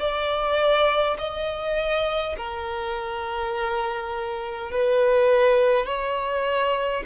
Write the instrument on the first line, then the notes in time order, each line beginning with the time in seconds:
violin
0.00 D5
1.19 D#5
2.38 A#4
4.72 B4
5.87 C#5